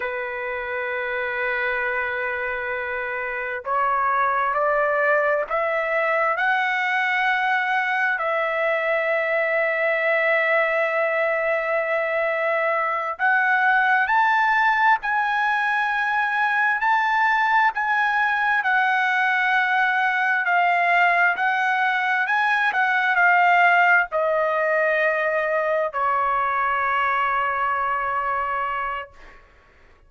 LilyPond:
\new Staff \with { instrumentName = "trumpet" } { \time 4/4 \tempo 4 = 66 b'1 | cis''4 d''4 e''4 fis''4~ | fis''4 e''2.~ | e''2~ e''8 fis''4 a''8~ |
a''8 gis''2 a''4 gis''8~ | gis''8 fis''2 f''4 fis''8~ | fis''8 gis''8 fis''8 f''4 dis''4.~ | dis''8 cis''2.~ cis''8 | }